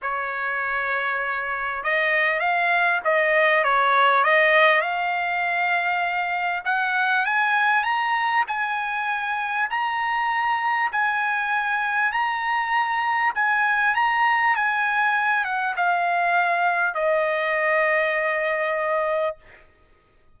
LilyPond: \new Staff \with { instrumentName = "trumpet" } { \time 4/4 \tempo 4 = 99 cis''2. dis''4 | f''4 dis''4 cis''4 dis''4 | f''2. fis''4 | gis''4 ais''4 gis''2 |
ais''2 gis''2 | ais''2 gis''4 ais''4 | gis''4. fis''8 f''2 | dis''1 | }